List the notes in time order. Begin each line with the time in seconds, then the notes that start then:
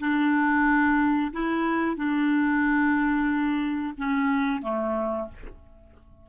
0.00 D4
1.33 E4
1.97 D4
3.98 C#4
4.62 A3